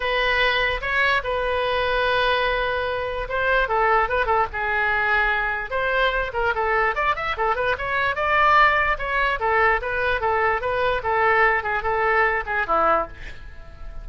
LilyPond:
\new Staff \with { instrumentName = "oboe" } { \time 4/4 \tempo 4 = 147 b'2 cis''4 b'4~ | b'1 | c''4 a'4 b'8 a'8 gis'4~ | gis'2 c''4. ais'8 |
a'4 d''8 e''8 a'8 b'8 cis''4 | d''2 cis''4 a'4 | b'4 a'4 b'4 a'4~ | a'8 gis'8 a'4. gis'8 e'4 | }